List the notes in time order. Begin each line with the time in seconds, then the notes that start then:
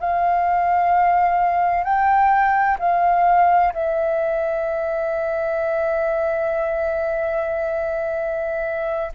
0.00 F5
1.84 G5
2.80 F5
3.74 E5